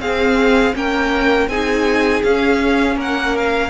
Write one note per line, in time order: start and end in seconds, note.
0.00 0.74 C4
0.00 0.76 G#4
0.00 0.75 F5
0.74 1.48 A#3
0.74 1.48 C#4
0.74 1.50 A#4
0.74 1.48 G5
1.48 2.22 C4
1.48 2.25 D#4
1.48 2.96 G#4
1.48 2.22 G#5
2.23 2.96 C#4
2.23 3.71 C#4
2.23 2.97 F5
2.96 3.71 A#3
2.96 3.71 A#4
2.96 3.38 F#5
3.38 3.71 F5